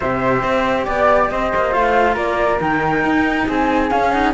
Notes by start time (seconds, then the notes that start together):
0.00 C3 G4 C5 E5
0.42 C4
0.85 B3 D5
1.29 C4 C5 D#5
1.55 A#3
1.71 A3 F4 F5
2.14 A#3 A#4 D5
2.59 D#3 D#4 G5
3.04 D#4
3.46 C4 G#4 G#5
3.90 C#4 F5
4.11 D#4 F#5